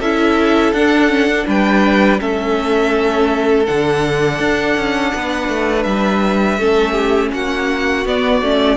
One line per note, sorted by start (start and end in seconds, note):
0.00 0.73 C#4
0.00 0.75 E4
0.00 1.46 A4
0.00 0.74 E5
0.73 1.46 D4
0.73 1.10 D4
0.73 1.47 F#5
1.10 1.27 C#4
1.27 2.19 D4
1.48 2.21 G3
1.48 2.20 B4
1.48 2.21 G5
2.19 3.68 A3
2.19 3.65 C#4
2.19 5.13 A4
2.19 3.66 E5
3.66 4.40 D3
3.66 6.59 D4
3.66 5.83 F#5
4.40 4.77 D4
4.77 5.13 C#4
5.15 5.49 B3
5.15 6.60 B4
5.49 5.85 A3
5.83 6.59 G3
5.83 7.29 E5
6.59 7.32 A3
6.59 8.06 C#4
6.59 6.93 A4
6.93 7.29 G4
7.33 8.06 A#3
7.33 8.77 F#4
7.33 8.07 F#5
8.06 8.42 B3
8.06 8.43 B3
8.06 8.77 D5
8.42 8.77 A3
8.42 8.77 C#4